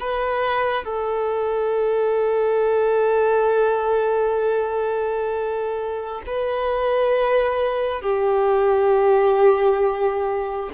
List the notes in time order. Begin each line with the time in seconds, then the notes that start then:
0.00 B4
0.84 A4
6.26 B4
8.01 G4